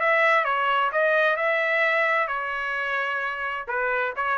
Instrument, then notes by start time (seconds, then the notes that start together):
trumpet
0.00 E5
0.44 C#5
0.92 D#5
1.36 E5
2.28 C#5
3.68 B4
4.16 C#5